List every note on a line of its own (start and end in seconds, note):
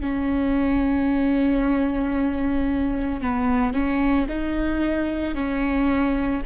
0.00 3.21 C#4
3.21 3.73 B3
3.73 4.27 C#4
4.29 5.34 D#4
5.34 6.41 C#4